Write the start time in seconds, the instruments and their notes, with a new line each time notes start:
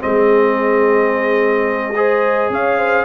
0.00 tuba G#3, trombone C4, horn G#4, trumpet D#5
1.96 trombone G#4, horn C5
2.50 tuba C#4, horn C#5, trumpet F5
2.78 horn C5